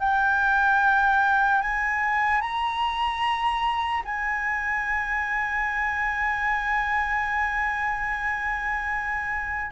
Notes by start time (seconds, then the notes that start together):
0.00 G5
1.61 G#5
2.41 A#5
4.05 G#5